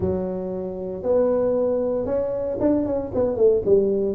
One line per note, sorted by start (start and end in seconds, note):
0.00 1.03 F#3
1.03 2.05 B3
2.05 2.57 C#4
2.60 2.85 D4
2.85 3.11 C#4
3.14 3.36 B3
3.36 3.62 A3
3.65 4.14 G3